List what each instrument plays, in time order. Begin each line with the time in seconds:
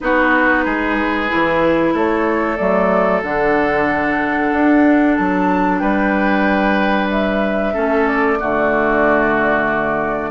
0.00 bassoon B3, clarinet D#4, oboe F#4, flute B4
0.64 bassoon G#3, oboe G#4
1.28 bassoon E3, clarinet E4
1.94 bassoon A3, oboe A4, flute C#5
2.56 bassoon F#3, clarinet A3, flute D5
3.23 bassoon D3, clarinet D4, flute F#5
4.53 bassoon D4
5.16 bassoon F#3, flute A5
5.78 bassoon G3, oboe B4, flute G5
7.10 flute E5
7.73 bassoon A3, clarinet C#4, oboe A4
8.07 flute D5
8.39 bassoon D3, clarinet A3, oboe F#4